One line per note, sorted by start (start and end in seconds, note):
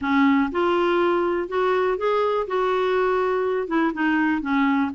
0.01 0.50 C#4
0.51 1.48 F4
1.48 1.97 F#4
1.97 2.47 G#4
2.47 3.67 F#4
3.67 3.92 E4
3.93 4.41 D#4
4.41 4.90 C#4